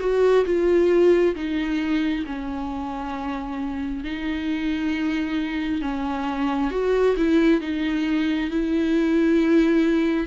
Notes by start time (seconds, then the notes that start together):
0.00 F#4
0.45 F4
1.35 D#4
2.26 C#4
4.04 D#4
5.81 C#4
6.71 F#4
7.17 E4
7.61 D#4
8.50 E4